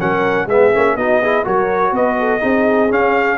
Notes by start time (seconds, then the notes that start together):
0.00 F#3 C#4 A#4 F#5
0.46 G#3 B3 G#4 E5
0.74 A#3 C#4
0.96 B3 D#4 F#4 D#5
1.21 E4 G#4
1.44 F#3 F#4 A#4 C#5
1.92 B3 B4 D#5
2.19 A4
2.40 C4 D#4 G#4
2.91 C#4 F5